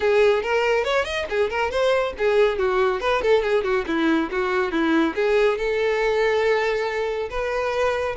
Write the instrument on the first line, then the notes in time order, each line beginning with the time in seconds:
violin
0.00 G#4
0.42 A#4
0.84 C#5
1.04 D#5
1.29 G#4
1.49 A#4
1.70 C5
2.17 G#4
2.58 F#4
3.00 B4
3.21 A4
3.42 G#4
3.63 F#4
3.87 E4
4.31 F#4
4.71 E4
5.15 G#4
5.57 A4
7.30 B4